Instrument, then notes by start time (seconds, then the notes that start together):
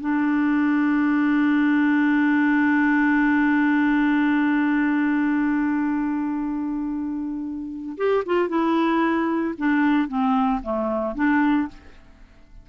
clarinet
0.00 D4
7.97 G4
8.25 F4
8.48 E4
9.57 D4
10.08 C4
10.62 A3
11.15 D4